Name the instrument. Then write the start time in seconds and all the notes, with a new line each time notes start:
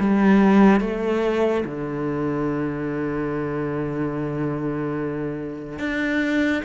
cello
0.00 G3
0.81 A3
1.66 D3
5.79 D4